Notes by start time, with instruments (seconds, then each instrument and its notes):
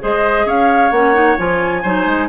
0.00 bassoon G#3, clarinet G#4, oboe C5, flute D#5
0.46 bassoon C#4, oboe C#5, flute F5
0.91 bassoon A#3, clarinet C#4, flute F#5
1.14 clarinet D#4
1.38 bassoon F3, clarinet F4, flute G#5
1.82 bassoon F#3, clarinet D#4, oboe C5
2.06 bassoon G#3